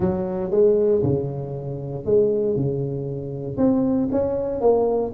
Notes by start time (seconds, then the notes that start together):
0.00 F#3
0.50 G#3
1.02 C#3
2.05 G#3
2.55 C#3
3.57 C4
4.11 C#4
4.61 A#3